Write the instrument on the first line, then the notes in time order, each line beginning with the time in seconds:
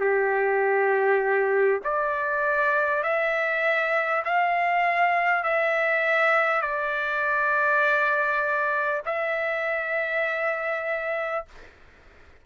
trumpet
0.00 G4
1.84 D5
3.03 E5
4.25 F5
5.43 E5
6.61 D5
9.05 E5